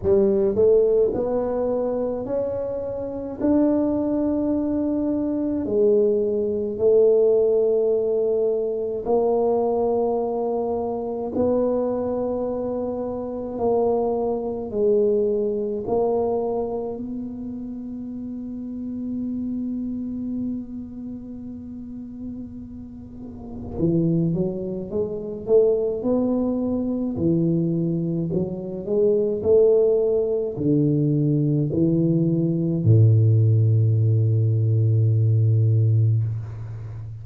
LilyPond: \new Staff \with { instrumentName = "tuba" } { \time 4/4 \tempo 4 = 53 g8 a8 b4 cis'4 d'4~ | d'4 gis4 a2 | ais2 b2 | ais4 gis4 ais4 b4~ |
b1~ | b4 e8 fis8 gis8 a8 b4 | e4 fis8 gis8 a4 d4 | e4 a,2. | }